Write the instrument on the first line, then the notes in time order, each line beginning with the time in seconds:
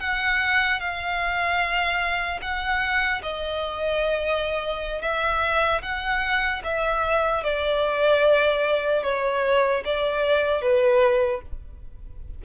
violin
0.00 F#5
0.80 F5
2.41 F#5
3.22 D#5
5.01 E5
5.82 F#5
6.64 E5
7.44 D5
9.03 C#5
9.85 D5
10.61 B4